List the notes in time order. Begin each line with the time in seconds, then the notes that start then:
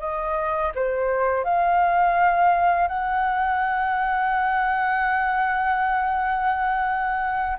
0.00 D#5
0.75 C5
1.44 F5
2.88 F#5